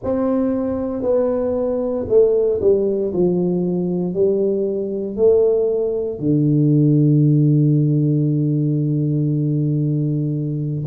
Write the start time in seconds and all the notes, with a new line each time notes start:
0.03 C4
1.02 B3
2.08 A3
2.61 G3
3.13 F3
4.13 G3
5.16 A3
6.19 D3